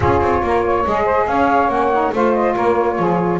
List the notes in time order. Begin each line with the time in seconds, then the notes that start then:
0.00 C#4 F4 G#4 C#5
0.20 C4
0.42 A#3 A#4
0.64 C#5
0.85 G#3 G#4 D#5
1.04 C5
1.27 C#4 C#5 F5
1.68 A#3 C#4 F#5
1.92 D#4
2.12 A3 F4 C5 F5
2.33 D#5
2.54 A#3 A#4 C#5
2.98 F3 G#4